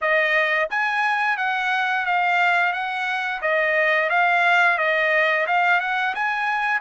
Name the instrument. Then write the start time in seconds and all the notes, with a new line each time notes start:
trumpet
0.01 D#5
0.70 G#5
1.37 F#5
2.05 F5
2.72 F#5
3.41 D#5
4.09 F5
4.78 D#5
5.46 F5
5.80 F#5
6.15 G#5